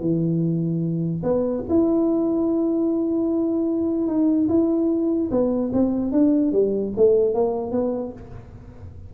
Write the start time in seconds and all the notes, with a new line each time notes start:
0.00 E3
1.23 B3
1.69 E4
4.07 D#4
4.48 E4
5.31 B3
5.73 C4
6.12 D4
6.52 G3
6.96 A3
7.34 A#3
7.71 B3